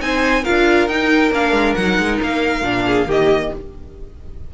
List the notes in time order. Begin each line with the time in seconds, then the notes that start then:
0.00 C4 D#4 C5 G#5
0.43 D4 F4 A#4 F5
0.88 D#4 G5
1.31 A#3 D4 F5
1.52 G#3
1.75 F#3 D#4 F#5
1.99 G#3
2.22 A#3 F5
2.61 A#2 D4
2.86 G#4
3.07 D#3 A#3 G4 D#5